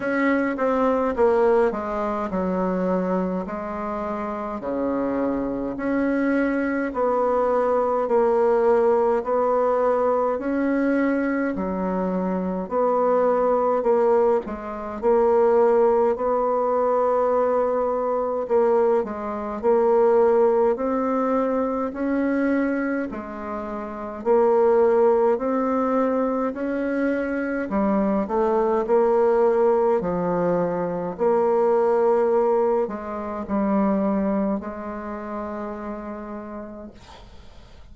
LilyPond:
\new Staff \with { instrumentName = "bassoon" } { \time 4/4 \tempo 4 = 52 cis'8 c'8 ais8 gis8 fis4 gis4 | cis4 cis'4 b4 ais4 | b4 cis'4 fis4 b4 | ais8 gis8 ais4 b2 |
ais8 gis8 ais4 c'4 cis'4 | gis4 ais4 c'4 cis'4 | g8 a8 ais4 f4 ais4~ | ais8 gis8 g4 gis2 | }